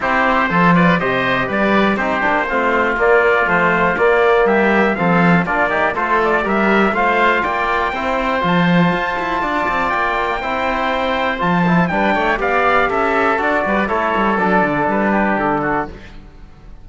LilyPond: <<
  \new Staff \with { instrumentName = "trumpet" } { \time 4/4 \tempo 4 = 121 c''4. d''8 dis''4 d''4 | c''2 d''4 c''4 | d''4 e''4 f''4 d''4 | c''8 d''8 e''4 f''4 g''4~ |
g''4 a''2. | g''2. a''4 | g''4 f''4 e''4 d''4 | cis''4 d''4 b'4 a'4 | }
  \new Staff \with { instrumentName = "oboe" } { \time 4/4 g'4 a'8 b'8 c''4 b'4 | g'4 f'2.~ | f'4 g'4 a'4 f'8 g'8 | a'4 ais'4 c''4 d''4 |
c''2. d''4~ | d''4 c''2. | b'8 cis''8 d''4 a'4. b'8 | a'2~ a'8 g'4 fis'8 | }
  \new Staff \with { instrumentName = "trombone" } { \time 4/4 e'4 f'4 g'2 | dis'8 d'8 c'4 ais4 f4 | ais2 c'4 d'8 dis'8 | f'4 g'4 f'2 |
e'4 f'2.~ | f'4 e'2 f'8 e'8 | d'4 g'2 fis'4 | e'4 d'2. | }
  \new Staff \with { instrumentName = "cello" } { \time 4/4 c'4 f4 c4 g4 | c'8 ais8 a4 ais4 a4 | ais4 g4 f4 ais4 | a4 g4 a4 ais4 |
c'4 f4 f'8 e'8 d'8 c'8 | ais4 c'2 f4 | g8 a8 b4 cis'4 d'8 g8 | a8 g8 fis8 d8 g4 d4 | }
>>